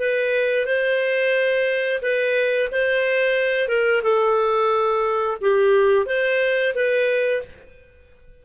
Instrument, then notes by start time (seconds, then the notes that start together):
clarinet
0.00 B4
0.66 C5
2.03 B4
2.72 C5
3.69 A#4
4.03 A4
5.42 G4
6.06 C5
6.75 B4